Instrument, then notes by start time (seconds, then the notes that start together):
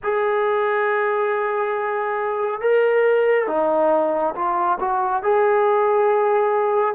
trombone
0.03 G#4
2.60 A#4
3.47 D#4
4.35 F4
4.80 F#4
5.22 G#4